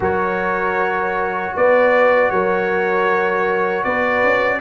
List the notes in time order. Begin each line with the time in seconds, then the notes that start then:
0.00 F#3 F#4 A#4 C#5
1.56 B3 B4 D5
2.30 F#3 A#4 C#5
3.83 B3 B4 D5
4.23 C#4